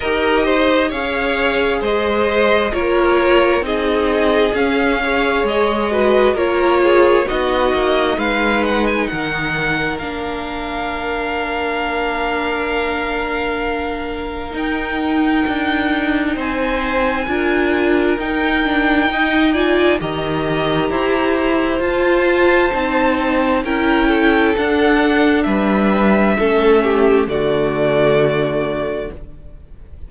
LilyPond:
<<
  \new Staff \with { instrumentName = "violin" } { \time 4/4 \tempo 4 = 66 dis''4 f''4 dis''4 cis''4 | dis''4 f''4 dis''4 cis''4 | dis''4 f''8 fis''16 gis''16 fis''4 f''4~ | f''1 |
g''2 gis''2 | g''4. gis''8 ais''2 | a''2 g''4 fis''4 | e''2 d''2 | }
  \new Staff \with { instrumentName = "violin" } { \time 4/4 ais'8 c''8 cis''4 c''4 ais'4 | gis'4. cis''4 b'8 ais'8 gis'8 | fis'4 b'4 ais'2~ | ais'1~ |
ais'2 c''4 ais'4~ | ais'4 dis''8 d''8 dis''4 c''4~ | c''2 ais'8 a'4. | b'4 a'8 g'8 fis'2 | }
  \new Staff \with { instrumentName = "viola" } { \time 4/4 g'4 gis'2 f'4 | dis'4 cis'8 gis'4 fis'8 f'4 | dis'2. d'4~ | d'1 |
dis'2. f'4 | dis'8 d'8 dis'8 f'8 g'2 | f'4 dis'4 e'4 d'4~ | d'4 cis'4 a2 | }
  \new Staff \with { instrumentName = "cello" } { \time 4/4 dis'4 cis'4 gis4 ais4 | c'4 cis'4 gis4 ais4 | b8 ais8 gis4 dis4 ais4~ | ais1 |
dis'4 d'4 c'4 d'4 | dis'2 dis4 e'4 | f'4 c'4 cis'4 d'4 | g4 a4 d2 | }
>>